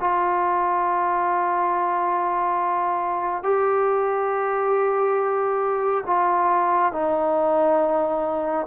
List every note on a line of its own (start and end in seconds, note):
0.00 3.43 F4
3.43 6.04 G4
6.06 6.92 F4
6.92 8.66 D#4